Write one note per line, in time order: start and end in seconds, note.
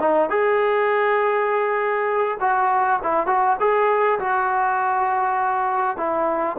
0.00 0.30 D#4
0.30 2.38 G#4
2.41 3.00 F#4
3.04 3.27 E4
3.27 3.57 F#4
3.60 4.19 G#4
4.20 5.98 F#4
5.98 6.57 E4